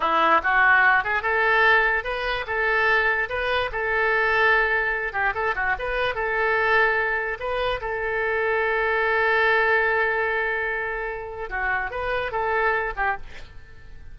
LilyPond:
\new Staff \with { instrumentName = "oboe" } { \time 4/4 \tempo 4 = 146 e'4 fis'4. gis'8 a'4~ | a'4 b'4 a'2 | b'4 a'2.~ | a'8 g'8 a'8 fis'8 b'4 a'4~ |
a'2 b'4 a'4~ | a'1~ | a'1 | fis'4 b'4 a'4. g'8 | }